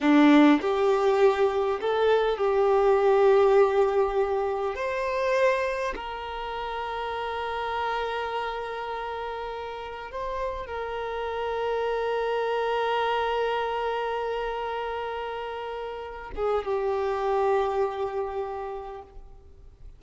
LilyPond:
\new Staff \with { instrumentName = "violin" } { \time 4/4 \tempo 4 = 101 d'4 g'2 a'4 | g'1 | c''2 ais'2~ | ais'1~ |
ais'4 c''4 ais'2~ | ais'1~ | ais'2.~ ais'8 gis'8 | g'1 | }